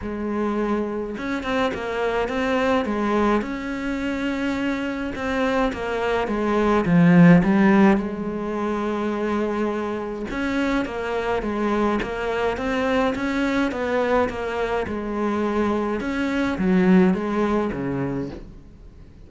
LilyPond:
\new Staff \with { instrumentName = "cello" } { \time 4/4 \tempo 4 = 105 gis2 cis'8 c'8 ais4 | c'4 gis4 cis'2~ | cis'4 c'4 ais4 gis4 | f4 g4 gis2~ |
gis2 cis'4 ais4 | gis4 ais4 c'4 cis'4 | b4 ais4 gis2 | cis'4 fis4 gis4 cis4 | }